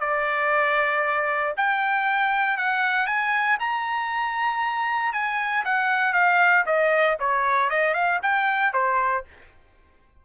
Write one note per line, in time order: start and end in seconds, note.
0.00 1.54 D5
1.57 2.57 G5
2.57 3.06 F#5
3.06 3.58 G#5
3.60 5.13 A#5
5.13 5.64 G#5
5.65 6.13 F#5
6.13 6.65 F5
6.66 7.17 D#5
7.20 7.70 C#5
7.70 7.94 D#5
7.94 8.20 F5
8.23 8.73 G5
8.73 9.25 C5